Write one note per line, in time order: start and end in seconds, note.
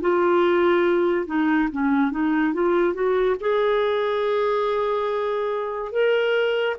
0.00 1.26 F4
1.26 1.68 D#4
1.71 2.11 C#4
2.11 2.53 D#4
2.53 2.93 F4
2.93 3.35 F#4
3.40 5.91 G#4
5.91 6.76 A#4